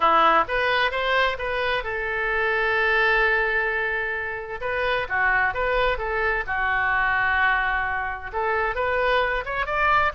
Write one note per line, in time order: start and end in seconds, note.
0.00 0.44 E4
0.47 0.91 B4
0.91 1.37 C5
1.38 1.83 B4
1.83 4.60 A4
4.60 5.07 B4
5.09 5.54 F#4
5.54 5.98 B4
5.98 6.44 A4
6.46 8.31 F#4
8.32 8.75 A4
8.75 9.44 B4
9.45 9.66 C#5
9.66 10.12 D5